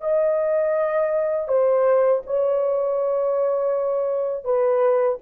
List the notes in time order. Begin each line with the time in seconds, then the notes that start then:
0.00 D#5
1.47 C5
2.26 C#5
4.44 B4